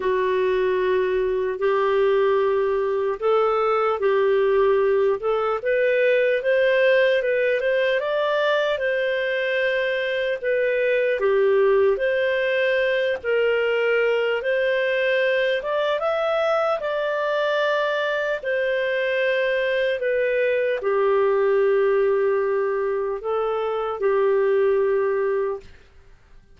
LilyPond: \new Staff \with { instrumentName = "clarinet" } { \time 4/4 \tempo 4 = 75 fis'2 g'2 | a'4 g'4. a'8 b'4 | c''4 b'8 c''8 d''4 c''4~ | c''4 b'4 g'4 c''4~ |
c''8 ais'4. c''4. d''8 | e''4 d''2 c''4~ | c''4 b'4 g'2~ | g'4 a'4 g'2 | }